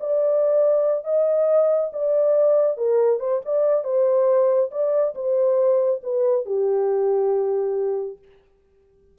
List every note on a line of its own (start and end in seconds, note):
0.00 1.05 D5
1.05 1.91 D#5
1.93 2.77 D5
2.77 3.20 A#4
3.20 3.41 C5
3.46 3.84 D5
3.84 4.70 C5
4.71 5.15 D5
5.15 6.01 C5
6.03 6.46 B4
6.46 8.18 G4